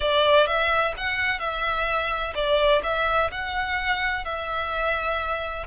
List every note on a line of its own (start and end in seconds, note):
0.00 0.46 D5
0.46 0.94 E5
0.97 1.39 F#5
1.39 2.33 E5
2.35 2.82 D5
2.83 3.30 E5
3.31 4.25 F#5
4.25 5.66 E5